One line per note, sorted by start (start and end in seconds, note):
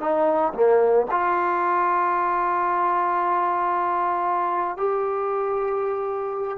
0.00 0.53 D#4
0.54 1.06 A#3
1.11 4.77 F4
4.77 6.58 G4